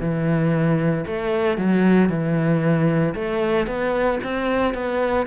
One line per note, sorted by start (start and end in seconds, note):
0.00 1.05 E3
1.06 1.58 A3
1.58 2.09 F#3
2.09 3.14 E3
3.15 3.67 A3
3.67 4.19 B3
4.24 4.74 C4
4.74 5.26 B3